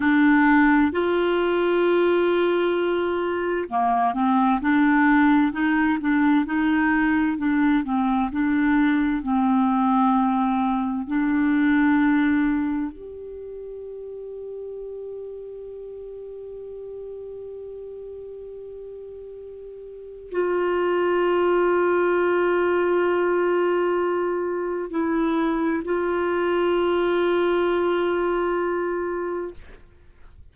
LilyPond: \new Staff \with { instrumentName = "clarinet" } { \time 4/4 \tempo 4 = 65 d'4 f'2. | ais8 c'8 d'4 dis'8 d'8 dis'4 | d'8 c'8 d'4 c'2 | d'2 g'2~ |
g'1~ | g'2 f'2~ | f'2. e'4 | f'1 | }